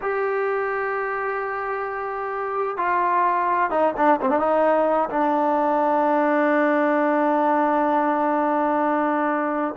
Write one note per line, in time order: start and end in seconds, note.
0.01 2.77 G4
2.77 3.70 F4
3.70 3.93 D#4
3.96 4.20 D4
4.21 4.29 C4
4.29 4.39 D4
4.39 5.09 D#4
5.09 9.74 D4